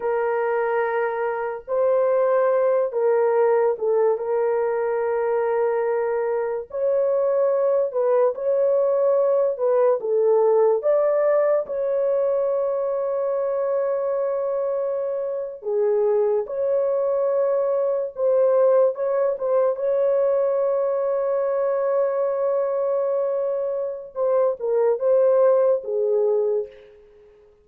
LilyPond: \new Staff \with { instrumentName = "horn" } { \time 4/4 \tempo 4 = 72 ais'2 c''4. ais'8~ | ais'8 a'8 ais'2. | cis''4. b'8 cis''4. b'8 | a'4 d''4 cis''2~ |
cis''2~ cis''8. gis'4 cis''16~ | cis''4.~ cis''16 c''4 cis''8 c''8 cis''16~ | cis''1~ | cis''4 c''8 ais'8 c''4 gis'4 | }